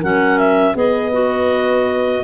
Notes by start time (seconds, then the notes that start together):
0.00 F#3 C#4 A#4 F#5
0.39 E5
0.75 B3 G#4 B4 D#5
1.13 F#4